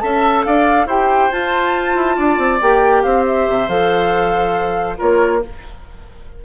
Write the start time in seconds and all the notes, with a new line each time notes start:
0.00 C#4 A4 E5 A5
0.44 D4 D5 F5
0.86 E4 G4 C5 G5
1.31 F4 A5
1.95 E4
2.16 D4 D5
2.38 C4
2.61 A#3 G4 G5
3.03 C4 C5 F5
3.27 E5
3.48 C3
3.68 F3 A4 F5
4.97 A#3 F4 A#4 C#5